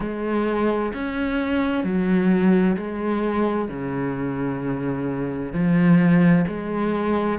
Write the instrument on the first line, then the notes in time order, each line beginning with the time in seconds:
cello
0.00 G#3
0.93 C#4
1.84 F#3
2.77 G#3
3.68 C#3
5.53 F3
6.47 G#3